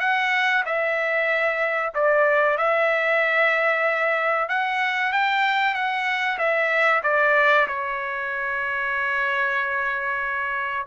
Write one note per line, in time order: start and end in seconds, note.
0.00 0.64 F#5
0.66 1.93 E5
1.94 2.57 D5
2.57 4.49 E5
4.49 5.12 F#5
5.12 5.74 G5
5.74 6.38 F#5
6.38 7.02 E5
7.03 7.67 D5
7.67 10.87 C#5